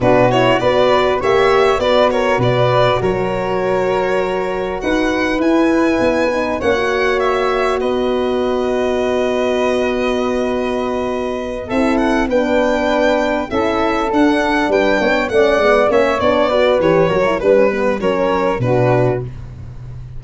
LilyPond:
<<
  \new Staff \with { instrumentName = "violin" } { \time 4/4 \tempo 4 = 100 b'8 cis''8 d''4 e''4 d''8 cis''8 | d''4 cis''2. | fis''4 gis''2 fis''4 | e''4 dis''2.~ |
dis''2.~ dis''8 e''8 | fis''8 g''2 e''4 fis''8~ | fis''8 g''4 fis''4 e''8 d''4 | cis''4 b'4 cis''4 b'4 | }
  \new Staff \with { instrumentName = "flute" } { \time 4/4 fis'4 b'4 cis''4 b'8 ais'8 | b'4 ais'2. | b'2. cis''4~ | cis''4 b'2.~ |
b'2.~ b'8 a'8~ | a'8 b'2 a'4.~ | a'8 b'8 cis''8 d''4 cis''4 b'8~ | b'8 ais'8 b'4 ais'4 fis'4 | }
  \new Staff \with { instrumentName = "horn" } { \time 4/4 d'8 e'8 fis'4 g'4 fis'4~ | fis'1~ | fis'4 e'4. dis'8 cis'16 fis'8.~ | fis'1~ |
fis'2.~ fis'8 e'8~ | e'8 d'2 e'4 d'8~ | d'4. cis'8 b8 cis'8 d'8 fis'8 | g'8 fis'16 e'16 d'16 cis'16 b8 cis'4 d'4 | }
  \new Staff \with { instrumentName = "tuba" } { \time 4/4 b,4 b4 ais4 b4 | b,4 fis2. | dis'4 e'4 b4 ais4~ | ais4 b2.~ |
b2.~ b8 c'8~ | c'8 b2 cis'4 d'8~ | d'8 g8 b8 a8 gis8 ais8 b4 | e8 fis8 g4 fis4 b,4 | }
>>